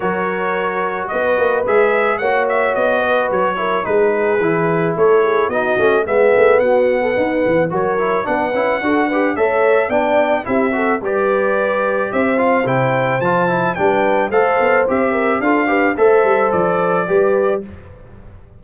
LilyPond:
<<
  \new Staff \with { instrumentName = "trumpet" } { \time 4/4 \tempo 4 = 109 cis''2 dis''4 e''4 | fis''8 e''8 dis''4 cis''4 b'4~ | b'4 cis''4 dis''4 e''4 | fis''2 cis''4 fis''4~ |
fis''4 e''4 g''4 e''4 | d''2 e''8 f''8 g''4 | a''4 g''4 f''4 e''4 | f''4 e''4 d''2 | }
  \new Staff \with { instrumentName = "horn" } { \time 4/4 ais'2 b'2 | cis''4. b'4 ais'8 gis'4~ | gis'4 a'8 gis'8 fis'4 gis'4 | fis'8. a'16 b'4 ais'4 b'4 |
a'8 b'8 cis''4 d''4 g'8 a'8 | b'2 c''2~ | c''4 b'4 c''4. ais'8 | a'8 b'8 c''2 b'4 | }
  \new Staff \with { instrumentName = "trombone" } { \time 4/4 fis'2. gis'4 | fis'2~ fis'8 e'8 dis'4 | e'2 dis'8 cis'8 b4~ | b2 fis'8 e'8 d'8 e'8 |
fis'8 g'8 a'4 d'4 e'8 fis'8 | g'2~ g'8 f'8 e'4 | f'8 e'8 d'4 a'4 g'4 | f'8 g'8 a'2 g'4 | }
  \new Staff \with { instrumentName = "tuba" } { \time 4/4 fis2 b8 ais8 gis4 | ais4 b4 fis4 gis4 | e4 a4 b8 a8 gis8 a8 | b4 dis'8 e8 fis4 b8 cis'8 |
d'4 a4 b4 c'4 | g2 c'4 c4 | f4 g4 a8 b8 c'4 | d'4 a8 g8 f4 g4 | }
>>